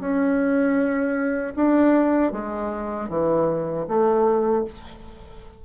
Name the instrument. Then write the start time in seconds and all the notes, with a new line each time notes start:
bassoon
0.00 C#4
1.56 D4
2.32 G#3
3.09 E3
3.88 A3